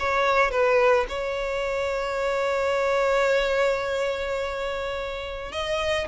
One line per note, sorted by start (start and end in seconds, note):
0.00 0.51 C#5
0.51 1.07 B4
1.09 5.52 C#5
5.52 6.08 D#5